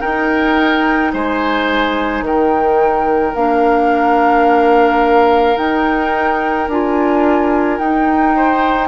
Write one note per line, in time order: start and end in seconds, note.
0.00 3.34 D#4
0.00 1.13 D#4
0.00 1.11 A#4
0.00 1.11 G5
1.13 2.21 G#3
1.13 2.24 C5
1.13 2.24 G#5
2.21 3.32 D#3
2.21 8.36 A#4
2.21 3.35 G5
3.35 5.57 A#3
3.35 5.55 D4
3.35 5.57 F5
5.55 6.66 D#4
5.55 6.68 D#4
5.55 6.68 G5
6.68 7.78 D4
6.68 7.80 F4
6.68 7.78 G#5
7.78 8.88 D#4
7.78 8.88 G5
8.36 8.88 C5